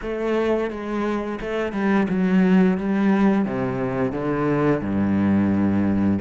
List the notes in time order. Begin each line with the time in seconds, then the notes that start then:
0.02 A3
0.70 G#3
1.40 A3
1.72 G3
2.08 F#3
2.77 G3
3.45 C3
4.12 D3
4.81 G2